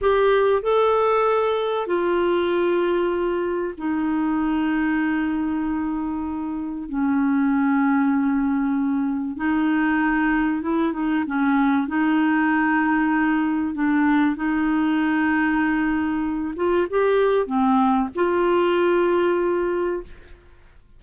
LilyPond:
\new Staff \with { instrumentName = "clarinet" } { \time 4/4 \tempo 4 = 96 g'4 a'2 f'4~ | f'2 dis'2~ | dis'2. cis'4~ | cis'2. dis'4~ |
dis'4 e'8 dis'8 cis'4 dis'4~ | dis'2 d'4 dis'4~ | dis'2~ dis'8 f'8 g'4 | c'4 f'2. | }